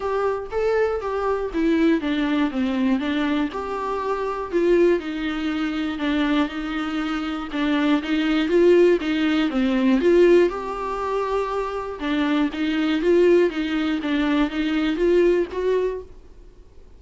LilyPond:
\new Staff \with { instrumentName = "viola" } { \time 4/4 \tempo 4 = 120 g'4 a'4 g'4 e'4 | d'4 c'4 d'4 g'4~ | g'4 f'4 dis'2 | d'4 dis'2 d'4 |
dis'4 f'4 dis'4 c'4 | f'4 g'2. | d'4 dis'4 f'4 dis'4 | d'4 dis'4 f'4 fis'4 | }